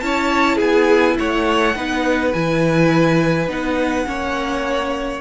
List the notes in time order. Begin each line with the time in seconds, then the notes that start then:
0.00 C#4 E4 C#5 A5
0.56 B3 G#4 G#5
1.18 A3 C#5 F#5
1.75 B3 D#4 B4
2.33 E3 E4 G#5
3.48 B3 D#4 F#5
4.06 A#3 C#4 C#5